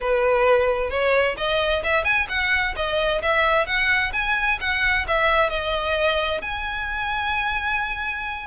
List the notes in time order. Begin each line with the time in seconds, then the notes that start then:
0.00 B4
0.89 C#5
1.37 D#5
1.83 E5
2.04 G#5
2.28 F#5
2.76 D#5
3.22 E5
3.66 F#5
4.13 G#5
4.60 F#5
5.07 E5
5.49 D#5
6.41 G#5